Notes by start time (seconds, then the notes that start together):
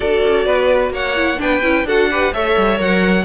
0.00 D4 F#4 A4 D5
0.23 C#4
0.45 B3 B4
0.89 A#3 C#5 F#5
1.15 E4
1.38 B3 D4 B4 G5
1.62 C#4 E4
1.84 D4 F#4 A4 F#5
2.10 G4 B4
2.32 A3 A4 C#5 E5
2.56 G3
2.77 F#3 A#4 F#5